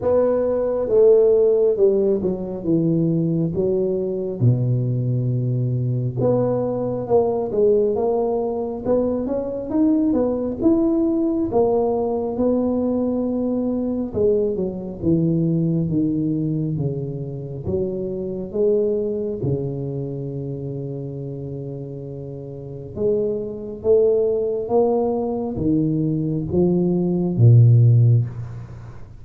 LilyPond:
\new Staff \with { instrumentName = "tuba" } { \time 4/4 \tempo 4 = 68 b4 a4 g8 fis8 e4 | fis4 b,2 b4 | ais8 gis8 ais4 b8 cis'8 dis'8 b8 | e'4 ais4 b2 |
gis8 fis8 e4 dis4 cis4 | fis4 gis4 cis2~ | cis2 gis4 a4 | ais4 dis4 f4 ais,4 | }